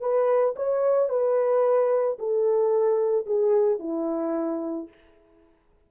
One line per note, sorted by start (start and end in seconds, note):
0.00 0.55 B4
0.56 1.09 C#5
1.09 2.18 B4
2.18 3.26 A4
3.26 3.79 G#4
3.79 4.88 E4